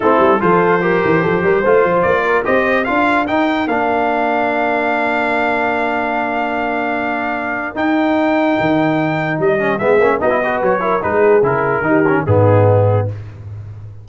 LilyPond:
<<
  \new Staff \with { instrumentName = "trumpet" } { \time 4/4 \tempo 4 = 147 a'4 c''2.~ | c''4 d''4 dis''4 f''4 | g''4 f''2.~ | f''1~ |
f''2. g''4~ | g''2. dis''4 | e''4 dis''4 cis''4 b'4 | ais'2 gis'2 | }
  \new Staff \with { instrumentName = "horn" } { \time 4/4 e'4 a'4 ais'4 a'8 ais'8 | c''4. ais'8 c''4 ais'4~ | ais'1~ | ais'1~ |
ais'1~ | ais'1 | gis'4 fis'8 b'4 ais'8 gis'4~ | gis'4 g'4 dis'2 | }
  \new Staff \with { instrumentName = "trombone" } { \time 4/4 c'4 f'4 g'2 | f'2 g'4 f'4 | dis'4 d'2.~ | d'1~ |
d'2. dis'4~ | dis'2.~ dis'8 cis'8 | b8 cis'8 dis'16 e'16 fis'4 e'8 dis'4 | e'4 dis'8 cis'8 b2 | }
  \new Staff \with { instrumentName = "tuba" } { \time 4/4 a8 g8 f4. e8 f8 g8 | a8 f8 ais4 c'4 d'4 | dis'4 ais2.~ | ais1~ |
ais2. dis'4~ | dis'4 dis2 g4 | gis8 ais8 b4 fis4 gis4 | cis4 dis4 gis,2 | }
>>